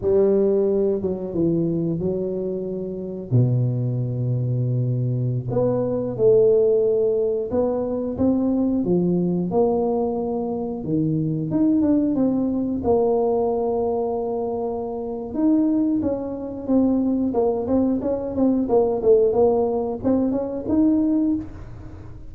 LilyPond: \new Staff \with { instrumentName = "tuba" } { \time 4/4 \tempo 4 = 90 g4. fis8 e4 fis4~ | fis4 b,2.~ | b,16 b4 a2 b8.~ | b16 c'4 f4 ais4.~ ais16~ |
ais16 dis4 dis'8 d'8 c'4 ais8.~ | ais2. dis'4 | cis'4 c'4 ais8 c'8 cis'8 c'8 | ais8 a8 ais4 c'8 cis'8 dis'4 | }